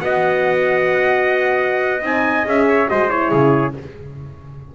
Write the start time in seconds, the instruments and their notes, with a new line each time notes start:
0.00 double bass B3, horn F#4, trumpet D#5 F#5
2.02 double bass C4, horn D#4, trumpet G#5
2.45 double bass C#4, horn G#4, trumpet E5
2.68 trumpet C#5
2.89 double bass G#3, horn F#4, trumpet C5 D#5
3.09 horn E4, trumpet C#5
3.31 double bass C#3, trumpet G#4